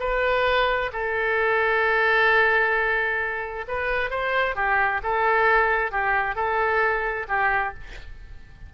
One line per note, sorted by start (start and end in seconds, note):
0.00 0.91 B4
0.93 3.65 A4
3.68 4.10 B4
4.10 4.56 C5
4.56 5.01 G4
5.03 5.92 A4
5.92 6.36 G4
6.36 7.26 A4
7.28 7.74 G4